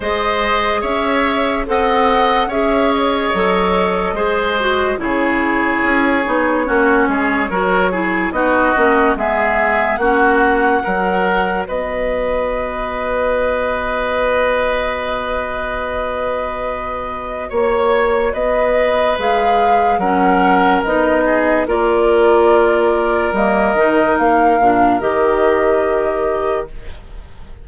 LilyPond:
<<
  \new Staff \with { instrumentName = "flute" } { \time 4/4 \tempo 4 = 72 dis''4 e''4 fis''4 e''8 dis''8~ | dis''2 cis''2~ | cis''2 dis''4 e''4 | fis''2 dis''2~ |
dis''1~ | dis''4 cis''4 dis''4 f''4 | fis''4 dis''4 d''2 | dis''4 f''4 dis''2 | }
  \new Staff \with { instrumentName = "oboe" } { \time 4/4 c''4 cis''4 dis''4 cis''4~ | cis''4 c''4 gis'2 | fis'8 gis'8 ais'8 gis'8 fis'4 gis'4 | fis'4 ais'4 b'2~ |
b'1~ | b'4 cis''4 b'2 | ais'4. gis'8 ais'2~ | ais'1 | }
  \new Staff \with { instrumentName = "clarinet" } { \time 4/4 gis'2 a'4 gis'4 | a'4 gis'8 fis'8 e'4. dis'8 | cis'4 fis'8 e'8 dis'8 cis'8 b4 | cis'4 fis'2.~ |
fis'1~ | fis'2. gis'4 | cis'4 dis'4 f'2 | ais8 dis'4 d'8 g'2 | }
  \new Staff \with { instrumentName = "bassoon" } { \time 4/4 gis4 cis'4 c'4 cis'4 | fis4 gis4 cis4 cis'8 b8 | ais8 gis8 fis4 b8 ais8 gis4 | ais4 fis4 b2~ |
b1~ | b4 ais4 b4 gis4 | fis4 b4 ais2 | g8 dis8 ais8 ais,8 dis2 | }
>>